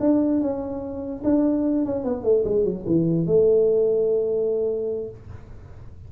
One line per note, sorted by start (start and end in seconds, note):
0.00 0.41 D4
0.41 1.22 C#4
1.24 1.85 D4
1.85 2.04 C#4
2.04 2.24 B3
2.24 2.44 A3
2.45 2.65 G#3
2.65 2.85 F#3
2.86 3.26 E3
3.26 5.10 A3